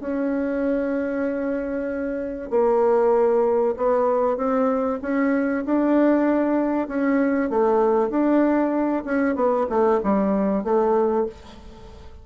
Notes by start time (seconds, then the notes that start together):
0.00 C#4
2.50 A#3
3.77 B3
4.37 C4
5.02 C#4
5.65 D4
6.88 C#4
7.49 A3
8.10 D4
9.05 C#4
9.35 B3
9.69 A3
10.03 G3
10.64 A3